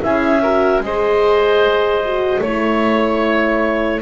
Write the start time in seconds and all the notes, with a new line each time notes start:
0.00 C#4 E4 G#4 E5
0.43 F#4 A#4
0.80 G#3 G#4 C5 D#5
2.05 F#4
2.41 A3 E4 C#5